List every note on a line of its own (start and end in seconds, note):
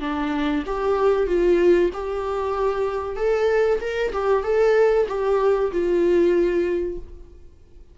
0.00 0.63 D4
0.66 1.27 G4
1.27 1.90 F4
1.93 3.16 G4
3.16 3.79 A4
3.80 4.12 A#4
4.12 4.43 G4
4.43 5.06 A4
5.08 5.71 G4
5.72 6.98 F4